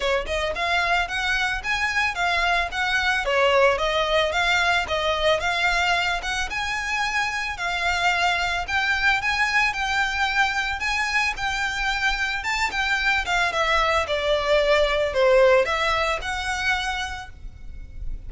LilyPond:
\new Staff \with { instrumentName = "violin" } { \time 4/4 \tempo 4 = 111 cis''8 dis''8 f''4 fis''4 gis''4 | f''4 fis''4 cis''4 dis''4 | f''4 dis''4 f''4. fis''8 | gis''2 f''2 |
g''4 gis''4 g''2 | gis''4 g''2 a''8 g''8~ | g''8 f''8 e''4 d''2 | c''4 e''4 fis''2 | }